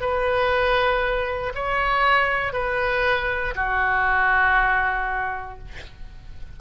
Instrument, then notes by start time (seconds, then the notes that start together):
oboe
0.00 B4
1.54 C#5
2.52 B4
3.55 F#4